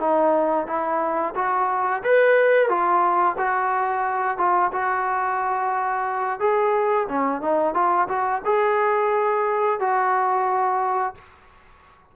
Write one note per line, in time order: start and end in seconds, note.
0.00 0.67 D#4
0.67 1.34 E4
1.35 2.03 F#4
2.03 2.69 B4
2.69 3.36 F4
3.38 4.38 F#4
4.38 4.72 F4
4.73 6.40 F#4
6.40 7.08 G#4
7.09 7.42 C#4
7.42 7.74 D#4
7.74 8.08 F4
8.08 8.42 F#4
8.45 9.80 G#4
9.80 11.15 F#4